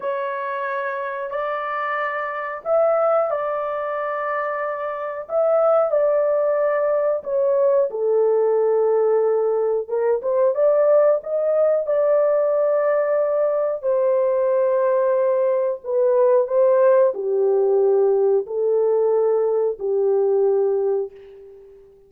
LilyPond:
\new Staff \with { instrumentName = "horn" } { \time 4/4 \tempo 4 = 91 cis''2 d''2 | e''4 d''2. | e''4 d''2 cis''4 | a'2. ais'8 c''8 |
d''4 dis''4 d''2~ | d''4 c''2. | b'4 c''4 g'2 | a'2 g'2 | }